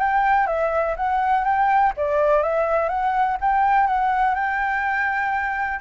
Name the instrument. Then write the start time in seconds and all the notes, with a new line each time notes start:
flute
0.00 G5
0.47 E5
0.97 F#5
1.45 G5
1.97 D5
2.43 E5
2.89 F#5
3.41 G5
3.87 F#5
4.35 G5